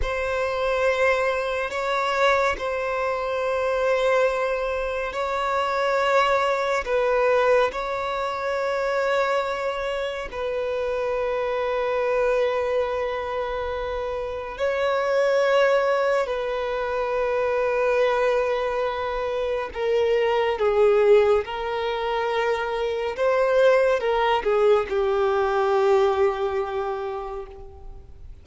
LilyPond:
\new Staff \with { instrumentName = "violin" } { \time 4/4 \tempo 4 = 70 c''2 cis''4 c''4~ | c''2 cis''2 | b'4 cis''2. | b'1~ |
b'4 cis''2 b'4~ | b'2. ais'4 | gis'4 ais'2 c''4 | ais'8 gis'8 g'2. | }